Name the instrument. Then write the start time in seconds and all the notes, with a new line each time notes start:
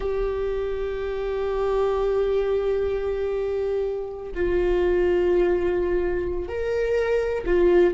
viola
0.00 G4
4.34 F4
6.48 A#4
7.45 F4